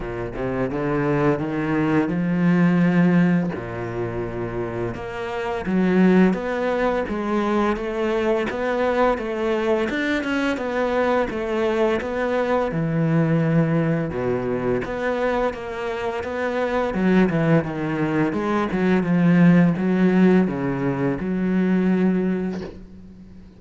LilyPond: \new Staff \with { instrumentName = "cello" } { \time 4/4 \tempo 4 = 85 ais,8 c8 d4 dis4 f4~ | f4 ais,2 ais4 | fis4 b4 gis4 a4 | b4 a4 d'8 cis'8 b4 |
a4 b4 e2 | b,4 b4 ais4 b4 | fis8 e8 dis4 gis8 fis8 f4 | fis4 cis4 fis2 | }